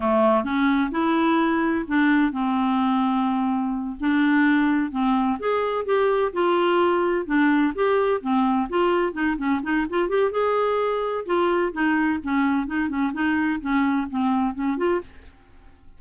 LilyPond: \new Staff \with { instrumentName = "clarinet" } { \time 4/4 \tempo 4 = 128 a4 cis'4 e'2 | d'4 c'2.~ | c'8 d'2 c'4 gis'8~ | gis'8 g'4 f'2 d'8~ |
d'8 g'4 c'4 f'4 dis'8 | cis'8 dis'8 f'8 g'8 gis'2 | f'4 dis'4 cis'4 dis'8 cis'8 | dis'4 cis'4 c'4 cis'8 f'8 | }